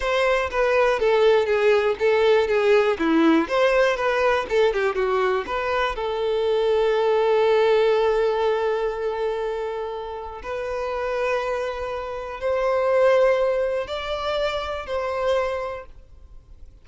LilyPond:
\new Staff \with { instrumentName = "violin" } { \time 4/4 \tempo 4 = 121 c''4 b'4 a'4 gis'4 | a'4 gis'4 e'4 c''4 | b'4 a'8 g'8 fis'4 b'4 | a'1~ |
a'1~ | a'4 b'2.~ | b'4 c''2. | d''2 c''2 | }